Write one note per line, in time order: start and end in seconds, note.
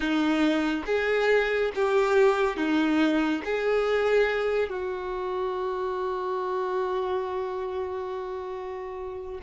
0.00 0.83 D#4
0.86 1.71 G#4
1.75 2.56 G4
2.56 3.42 D#4
3.44 4.69 G#4
4.69 9.41 F#4